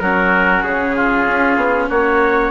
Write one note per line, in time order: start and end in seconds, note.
0.00 0.63 F#3
0.00 2.50 C#4
0.00 0.95 F#4
0.00 0.62 A#4
0.63 1.26 C#3
0.63 1.88 G#4
0.95 1.89 F4
1.26 1.56 C#4
1.56 1.88 B3
1.89 2.50 A#3
1.89 2.50 F#4
1.89 2.50 C#5